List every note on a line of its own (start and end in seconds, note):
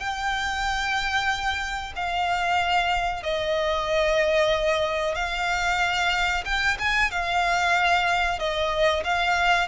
0.00 1.94 G5
1.96 3.23 F5
3.23 5.16 D#5
5.16 6.44 F5
6.45 6.78 G5
6.79 7.11 G#5
7.11 8.39 F5
8.39 9.04 D#5
9.04 9.68 F5